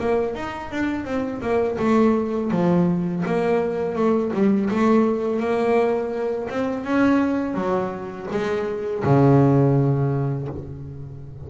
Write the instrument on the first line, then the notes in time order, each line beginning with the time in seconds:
double bass
0.00 A#3
0.35 D#4
0.71 D4
1.05 C4
1.41 A#3
1.79 A3
2.51 F3
3.26 A#3
3.95 A3
4.33 G3
4.70 A3
5.40 A#3
6.49 C4
6.84 C#4
7.54 F#3
8.31 G#3
9.04 C#3